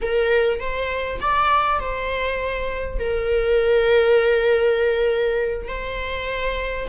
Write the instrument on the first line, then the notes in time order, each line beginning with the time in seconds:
viola
0.01 A#4
0.59 C5
1.21 D5
1.79 C5
2.99 A#4
5.68 C5